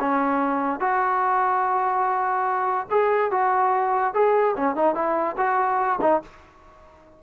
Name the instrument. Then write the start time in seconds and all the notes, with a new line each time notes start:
trombone
0.00 C#4
0.80 F#4
2.90 G#4
3.31 F#4
4.14 G#4
4.56 C#4
4.75 D#4
4.95 E4
5.37 F#4
6.01 D#4